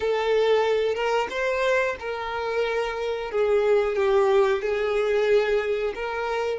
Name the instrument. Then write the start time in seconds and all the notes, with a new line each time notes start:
violin
0.00 A4
0.94 A#4
1.30 C5
1.99 A#4
3.31 G#4
3.96 G4
4.62 G#4
5.94 A#4